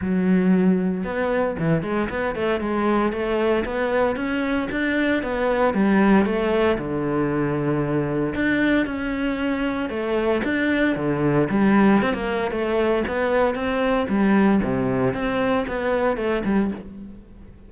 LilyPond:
\new Staff \with { instrumentName = "cello" } { \time 4/4 \tempo 4 = 115 fis2 b4 e8 gis8 | b8 a8 gis4 a4 b4 | cis'4 d'4 b4 g4 | a4 d2. |
d'4 cis'2 a4 | d'4 d4 g4 c'16 ais8. | a4 b4 c'4 g4 | c4 c'4 b4 a8 g8 | }